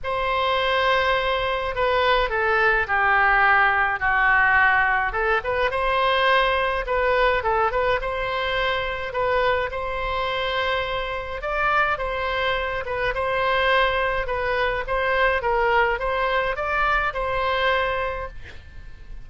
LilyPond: \new Staff \with { instrumentName = "oboe" } { \time 4/4 \tempo 4 = 105 c''2. b'4 | a'4 g'2 fis'4~ | fis'4 a'8 b'8 c''2 | b'4 a'8 b'8 c''2 |
b'4 c''2. | d''4 c''4. b'8 c''4~ | c''4 b'4 c''4 ais'4 | c''4 d''4 c''2 | }